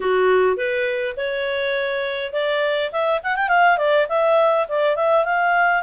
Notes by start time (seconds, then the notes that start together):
0.00 F#4
0.57 B4
1.17 C#5
2.32 D5
2.92 E5
3.23 F#5
3.36 G5
3.48 F5
3.77 D5
4.09 E5
4.68 D5
4.96 E5
5.24 F5